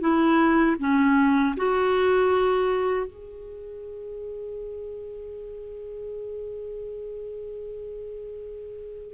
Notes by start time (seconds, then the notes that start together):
0.00 E4
0.79 C#4
1.57 F#4
3.06 G#4